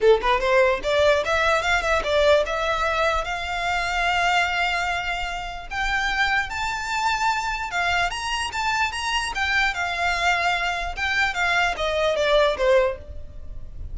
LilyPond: \new Staff \with { instrumentName = "violin" } { \time 4/4 \tempo 4 = 148 a'8 b'8 c''4 d''4 e''4 | f''8 e''8 d''4 e''2 | f''1~ | f''2 g''2 |
a''2. f''4 | ais''4 a''4 ais''4 g''4 | f''2. g''4 | f''4 dis''4 d''4 c''4 | }